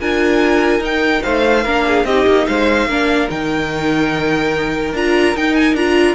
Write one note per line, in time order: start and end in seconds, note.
0.00 0.79 D4
0.00 0.82 F4
0.00 1.23 A#4
0.00 0.82 G#5
0.79 1.20 D#4
0.79 1.64 D#4
0.79 1.23 G5
1.23 1.65 A3
1.23 1.64 C5
1.23 2.05 F5
1.64 2.04 A#3
1.64 2.07 D4
1.64 1.84 A#4
1.87 2.06 G#4
2.04 2.25 C4
2.04 2.90 D#4
2.04 2.47 G4
2.04 2.46 D#5
2.27 2.47 A#3
2.46 2.86 G#3
2.46 2.88 C5
2.46 3.28 F5
2.86 3.27 A#3
2.86 3.28 D4
2.86 6.15 A#4
3.28 4.93 D#3
3.28 4.93 D#4
3.28 4.95 G5
4.93 5.34 D4
4.93 5.36 F4
4.93 5.36 A#5
5.35 5.74 D#4
5.35 5.77 D#4
5.35 5.54 G5
5.54 5.75 G#5
5.74 6.15 D4
5.74 6.15 F4
5.74 6.15 A#5